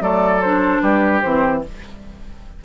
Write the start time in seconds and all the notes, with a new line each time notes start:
0.00 F#3 A3 A4 D5
0.41 D4 C5
0.81 G3 G4 B4
1.22 E3 C4 C5